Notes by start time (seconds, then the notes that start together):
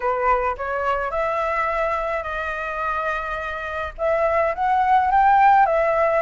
0.00 B4
0.57 C#5
1.10 E5
2.23 D#5
3.98 E5
4.55 F#5
5.11 G5
5.66 E5